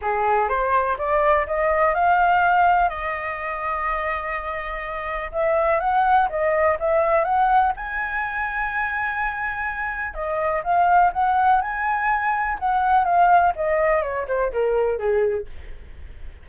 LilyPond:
\new Staff \with { instrumentName = "flute" } { \time 4/4 \tempo 4 = 124 gis'4 c''4 d''4 dis''4 | f''2 dis''2~ | dis''2. e''4 | fis''4 dis''4 e''4 fis''4 |
gis''1~ | gis''4 dis''4 f''4 fis''4 | gis''2 fis''4 f''4 | dis''4 cis''8 c''8 ais'4 gis'4 | }